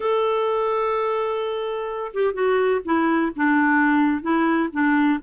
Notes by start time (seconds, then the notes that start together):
0.00 A4
2.13 G4
2.33 F#4
2.84 E4
3.36 D4
4.22 E4
4.72 D4